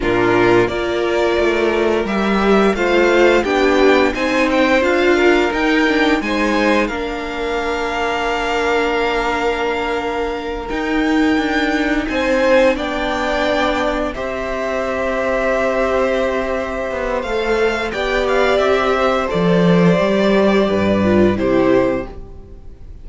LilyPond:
<<
  \new Staff \with { instrumentName = "violin" } { \time 4/4 \tempo 4 = 87 ais'4 d''2 e''4 | f''4 g''4 gis''8 g''8 f''4 | g''4 gis''4 f''2~ | f''2.~ f''8 g''8~ |
g''4. gis''4 g''4.~ | g''8 e''2.~ e''8~ | e''4 f''4 g''8 f''8 e''4 | d''2. c''4 | }
  \new Staff \with { instrumentName = "violin" } { \time 4/4 f'4 ais'2. | c''4 g'4 c''4. ais'8~ | ais'4 c''4 ais'2~ | ais'1~ |
ais'4. c''4 d''4.~ | d''8 c''2.~ c''8~ | c''2 d''4. c''8~ | c''2 b'4 g'4 | }
  \new Staff \with { instrumentName = "viola" } { \time 4/4 d'4 f'2 g'4 | f'4 d'4 dis'4 f'4 | dis'8 d'8 dis'4 d'2~ | d'2.~ d'8 dis'8~ |
dis'2~ dis'8 d'4.~ | d'8 g'2.~ g'8~ | g'4 a'4 g'2 | a'4 g'4. f'8 e'4 | }
  \new Staff \with { instrumentName = "cello" } { \time 4/4 ais,4 ais4 a4 g4 | a4 b4 c'4 d'4 | dis'4 gis4 ais2~ | ais2.~ ais8 dis'8~ |
dis'8 d'4 c'4 b4.~ | b8 c'2.~ c'8~ | c'8 b8 a4 b4 c'4 | f4 g4 g,4 c4 | }
>>